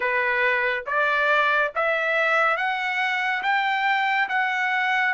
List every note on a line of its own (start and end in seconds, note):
0.00 0.84 B4
0.86 1.71 D5
1.75 2.56 E5
2.56 3.42 F#5
3.42 4.28 G5
4.29 5.14 F#5